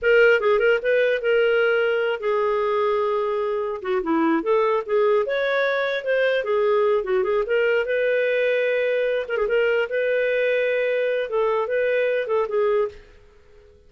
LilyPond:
\new Staff \with { instrumentName = "clarinet" } { \time 4/4 \tempo 4 = 149 ais'4 gis'8 ais'8 b'4 ais'4~ | ais'4. gis'2~ gis'8~ | gis'4. fis'8 e'4 a'4 | gis'4 cis''2 c''4 |
gis'4. fis'8 gis'8 ais'4 b'8~ | b'2. ais'16 gis'16 ais'8~ | ais'8 b'2.~ b'8 | a'4 b'4. a'8 gis'4 | }